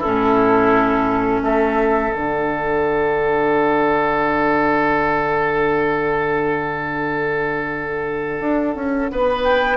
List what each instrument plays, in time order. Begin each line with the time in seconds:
0.00 bassoon A2, clarinet C#4, oboe E4, flute A4
1.41 bassoon A3, oboe A4, flute E5
2.11 bassoon D3, clarinet D4, flute F#5
8.40 bassoon D4
8.75 bassoon C#4
9.11 bassoon B3, oboe B4
9.43 flute G5